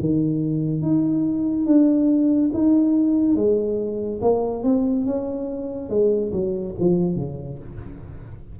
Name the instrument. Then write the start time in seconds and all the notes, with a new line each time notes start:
tuba
0.00 D#3
0.81 D#4
1.66 D4
2.53 D#4
3.35 G#3
4.21 A#3
4.63 C4
5.05 C#4
5.89 G#3
6.32 F#3
6.79 F3
7.16 C#3